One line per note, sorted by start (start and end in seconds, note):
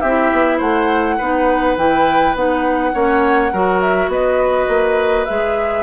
0.00 0.31 C4
0.00 0.57 G4
0.00 0.58 E5
0.06 1.20 E4
0.32 0.60 B3
0.57 1.18 A3
0.57 1.15 C5
0.57 1.77 F#5
1.17 1.77 B3
1.17 1.78 D#4
1.17 2.92 B4
1.77 2.35 E3
1.77 2.36 E4
1.77 2.36 G5
2.35 2.93 B3
2.35 2.93 D#4
2.35 3.81 F#5
2.93 3.53 A#3
2.93 3.51 C#4
2.93 3.52 C#5
3.52 4.08 F#3
3.52 5.27 F#4
3.52 4.10 A#4
3.81 4.10 E5
4.08 4.66 B3
4.08 5.83 B4
4.08 5.25 D#5
4.68 5.26 A#3
5.25 5.83 G#3
5.25 5.83 G#4
5.25 5.83 E5